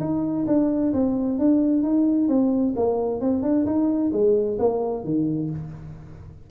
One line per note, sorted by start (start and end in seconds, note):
0.00 0.46 D#4
0.47 0.93 D4
0.93 1.39 C4
1.39 1.83 D4
1.83 2.28 D#4
2.28 2.74 C4
2.76 3.21 A#3
3.21 3.43 C4
3.43 3.66 D4
3.66 4.12 D#4
4.13 4.58 G#3
4.59 5.04 A#3
5.04 5.50 D#3